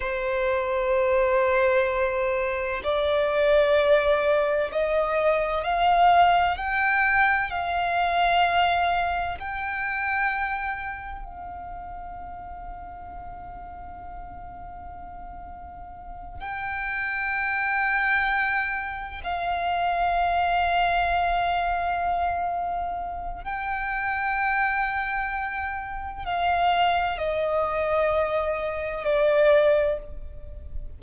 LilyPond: \new Staff \with { instrumentName = "violin" } { \time 4/4 \tempo 4 = 64 c''2. d''4~ | d''4 dis''4 f''4 g''4 | f''2 g''2 | f''1~ |
f''4. g''2~ g''8~ | g''8 f''2.~ f''8~ | f''4 g''2. | f''4 dis''2 d''4 | }